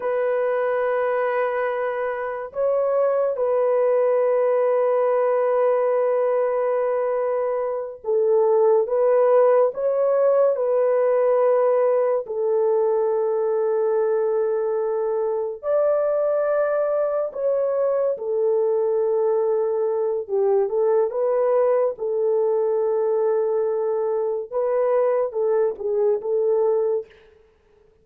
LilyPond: \new Staff \with { instrumentName = "horn" } { \time 4/4 \tempo 4 = 71 b'2. cis''4 | b'1~ | b'4. a'4 b'4 cis''8~ | cis''8 b'2 a'4.~ |
a'2~ a'8 d''4.~ | d''8 cis''4 a'2~ a'8 | g'8 a'8 b'4 a'2~ | a'4 b'4 a'8 gis'8 a'4 | }